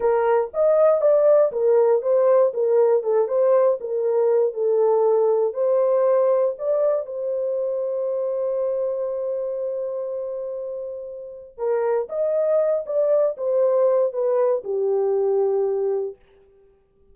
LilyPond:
\new Staff \with { instrumentName = "horn" } { \time 4/4 \tempo 4 = 119 ais'4 dis''4 d''4 ais'4 | c''4 ais'4 a'8 c''4 ais'8~ | ais'4 a'2 c''4~ | c''4 d''4 c''2~ |
c''1~ | c''2. ais'4 | dis''4. d''4 c''4. | b'4 g'2. | }